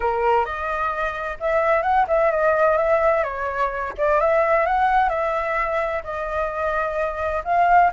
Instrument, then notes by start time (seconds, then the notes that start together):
flute
0.00 A#4
0.45 D#5
1.40 E5
1.82 F#5
2.07 E5
2.31 D#5
2.77 E5
3.23 C#5
3.97 D5
4.20 E5
4.65 F#5
5.09 E5
6.03 D#5
7.44 F5